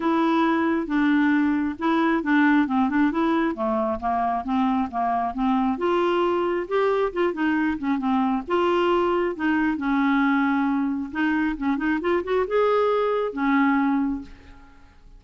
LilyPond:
\new Staff \with { instrumentName = "clarinet" } { \time 4/4 \tempo 4 = 135 e'2 d'2 | e'4 d'4 c'8 d'8 e'4 | a4 ais4 c'4 ais4 | c'4 f'2 g'4 |
f'8 dis'4 cis'8 c'4 f'4~ | f'4 dis'4 cis'2~ | cis'4 dis'4 cis'8 dis'8 f'8 fis'8 | gis'2 cis'2 | }